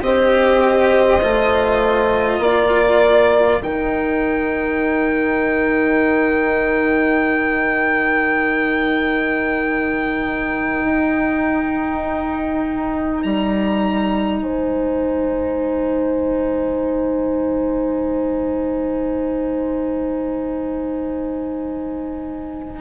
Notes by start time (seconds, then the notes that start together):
0.00 C4 G4 C5 D#5
1.21 A3 F4
2.39 A#3 A#4 D5
3.62 D#3 D#4 G5
10.84 D#4
13.22 G3 A#5
14.42 G#3 C5 G#5